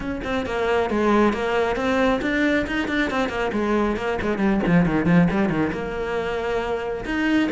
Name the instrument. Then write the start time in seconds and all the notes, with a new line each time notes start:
cello
0.00 C#4
0.24 C4
0.45 A#3
0.89 G#3
1.33 A#3
1.76 C4
2.21 D4
2.66 D#4
2.88 D4
3.10 C4
3.29 A#3
3.52 G#3
3.96 A#3
4.21 G#3
4.37 G3
4.66 F3
4.85 D#3
5.05 F3
5.30 G3
5.49 D#3
5.72 A#3
7.05 D#4